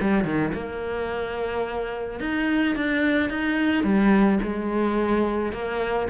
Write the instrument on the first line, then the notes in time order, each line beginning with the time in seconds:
cello
0.00 G3
0.24 D#3
0.53 A#3
2.19 D#4
2.75 D4
3.29 D#4
3.83 G3
4.43 G#3
5.52 A#3